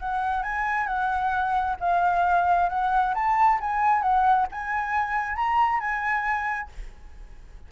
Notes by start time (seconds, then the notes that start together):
0.00 F#5
0.43 G#5
0.87 F#5
1.81 F5
2.70 F#5
3.15 A5
3.61 G#5
4.02 F#5
4.52 G#5
5.36 A#5
5.80 G#5